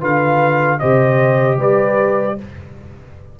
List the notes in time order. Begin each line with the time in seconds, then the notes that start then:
0.00 D3 F4 B4 F5
0.79 C3 G4 C5 D#5
1.57 G3 B4 D5